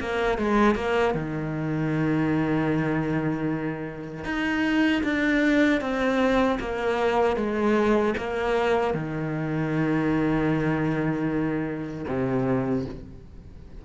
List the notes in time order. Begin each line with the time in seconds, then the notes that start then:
0.00 A#3
0.38 G#3
0.75 A#3
1.14 D#3
4.24 D#4
5.03 D4
5.81 C4
6.59 A#3
7.36 G#3
8.17 A#3
8.94 D#3
12.07 C3